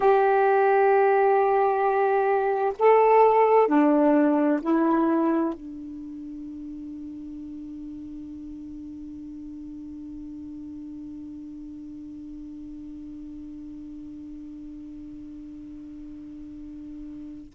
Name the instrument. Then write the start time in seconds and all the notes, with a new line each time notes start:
saxophone
0.00 G4
2.79 A4
3.67 D4
4.62 E4
5.53 D4